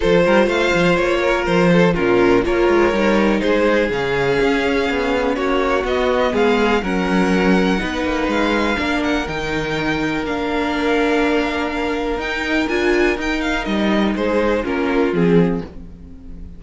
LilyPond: <<
  \new Staff \with { instrumentName = "violin" } { \time 4/4 \tempo 4 = 123 c''4 f''4 cis''4 c''4 | ais'4 cis''2 c''4 | f''2. cis''4 | dis''4 f''4 fis''2~ |
fis''4 f''4. fis''8 g''4~ | g''4 f''2.~ | f''4 g''4 gis''4 g''8 f''8 | dis''4 c''4 ais'4 gis'4 | }
  \new Staff \with { instrumentName = "violin" } { \time 4/4 a'8 ais'8 c''4. ais'4 a'8 | f'4 ais'2 gis'4~ | gis'2. fis'4~ | fis'4 gis'4 ais'2 |
b'2 ais'2~ | ais'1~ | ais'1~ | ais'4 gis'4 f'2 | }
  \new Staff \with { instrumentName = "viola" } { \time 4/4 f'1 | cis'4 f'4 dis'2 | cis'1 | b2 cis'2 |
dis'2 d'4 dis'4~ | dis'4 d'2.~ | d'4 dis'4 f'4 dis'4~ | dis'2 cis'4 c'4 | }
  \new Staff \with { instrumentName = "cello" } { \time 4/4 f8 g8 a8 f8 ais4 f4 | ais,4 ais8 gis8 g4 gis4 | cis4 cis'4 b4 ais4 | b4 gis4 fis2 |
b8 ais8 gis4 ais4 dis4~ | dis4 ais2.~ | ais4 dis'4 d'4 dis'4 | g4 gis4 ais4 f4 | }
>>